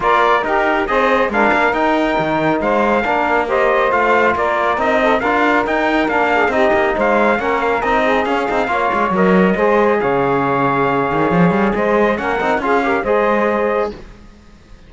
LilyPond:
<<
  \new Staff \with { instrumentName = "trumpet" } { \time 4/4 \tempo 4 = 138 d''4 ais'4 dis''4 f''4 | g''2 f''2 | dis''4 f''4 d''4 dis''4 | f''4 g''4 f''4 dis''4 |
f''4 fis''8 f''8 dis''4 f''4~ | f''4 dis''2 f''4~ | f''2. dis''4 | fis''4 f''4 dis''2 | }
  \new Staff \with { instrumentName = "saxophone" } { \time 4/4 ais'4 g'4 c''4 ais'4~ | ais'2 c''4 ais'4 | c''2 ais'4. a'8 | ais'2~ ais'8 gis'8 g'4 |
c''4 ais'4. gis'4. | cis''2 c''4 cis''4~ | cis''2. c''4 | ais'4 gis'8 ais'8 c''2 | }
  \new Staff \with { instrumentName = "trombone" } { \time 4/4 f'4 dis'4 gis'4 d'4 | dis'2. d'4 | g'4 f'2 dis'4 | f'4 dis'4 d'4 dis'4~ |
dis'4 cis'4 dis'4 cis'8 dis'8 | f'4 ais'4 gis'2~ | gis'1 | cis'8 dis'8 f'8 g'8 gis'2 | }
  \new Staff \with { instrumentName = "cello" } { \time 4/4 ais4 dis'4 c'4 gis8 ais8 | dis'4 dis4 gis4 ais4~ | ais4 a4 ais4 c'4 | d'4 dis'4 ais4 c'8 ais8 |
gis4 ais4 c'4 cis'8 c'8 | ais8 gis8 fis4 gis4 cis4~ | cis4. dis8 f8 g8 gis4 | ais8 c'8 cis'4 gis2 | }
>>